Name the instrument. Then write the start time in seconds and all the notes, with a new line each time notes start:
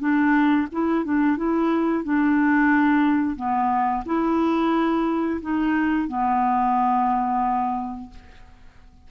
clarinet
0.00 D4
0.72 E4
1.04 D4
1.37 E4
2.04 D4
3.36 B3
4.06 E4
5.41 D#4
6.08 B3